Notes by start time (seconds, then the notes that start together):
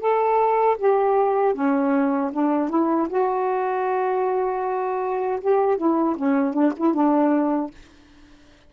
0.00 A4
0.79 G4
1.55 C#4
2.33 D4
2.70 E4
3.09 F#4
5.41 G4
5.78 E4
6.17 C#4
6.54 D4
6.77 E4
6.94 D4